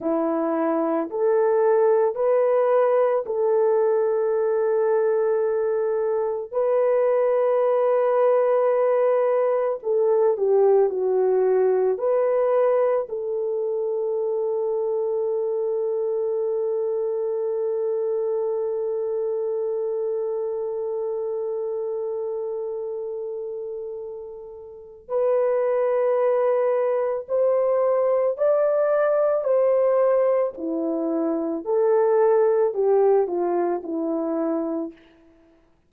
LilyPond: \new Staff \with { instrumentName = "horn" } { \time 4/4 \tempo 4 = 55 e'4 a'4 b'4 a'4~ | a'2 b'2~ | b'4 a'8 g'8 fis'4 b'4 | a'1~ |
a'1~ | a'2. b'4~ | b'4 c''4 d''4 c''4 | e'4 a'4 g'8 f'8 e'4 | }